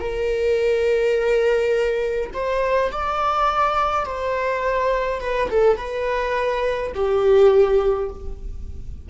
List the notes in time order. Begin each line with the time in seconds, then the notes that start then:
0.00 A#4
2.34 C5
2.92 D5
4.05 C5
5.20 B4
5.50 A4
5.77 B4
6.94 G4